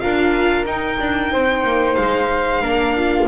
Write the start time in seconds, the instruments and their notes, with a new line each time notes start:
0.00 double bass D4, viola F4, flute A#4, violin F5
0.66 double bass D#4, viola D#4, violin G5
1.00 double bass D4
1.32 double bass C4, flute C5
1.63 double bass A#3
1.95 double bass G#3, violin F5
2.61 double bass A#3, viola D4, flute A#4
2.96 flute F4